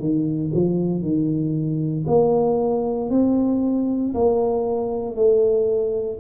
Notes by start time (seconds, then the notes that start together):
0.00 D#3
0.54 F3
1.02 D#3
2.07 A#3
3.10 C4
4.15 A#3
5.15 A3